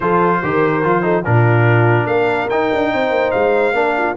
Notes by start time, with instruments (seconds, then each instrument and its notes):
0.00 tuba F3, trombone F4, horn A4, trumpet C5
0.42 tuba D#3, trombone G4, horn A#4
0.83 tuba F3, trombone F4
1.02 trombone D#4, horn A4
1.24 tuba A#2, trombone D4, horn F4, trumpet A#4
2.05 tuba A#3, horn A#4, trumpet F5
2.49 tuba D#4, trombone D#4, trumpet G5
2.73 tuba D4
2.93 tuba C4, horn C5
3.10 tuba A#3
3.31 tuba G#3, trumpet F5
3.73 tuba A#3, trombone D4, horn A#4
3.97 horn F4